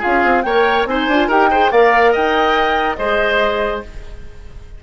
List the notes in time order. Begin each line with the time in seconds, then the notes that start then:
0.00 C#4 F4 G#4 F5
0.24 C4
0.43 A#3 A#4 C#5 G5
0.86 C4 D#4 C5 G#5
1.09 D4 F4
1.28 D#4 G4 A#4 G5
1.51 G#4 C5
1.72 A#3 A#4 D5 F5
2.12 D#4 D#5 G5
2.96 G#3 G#4 C5 D#5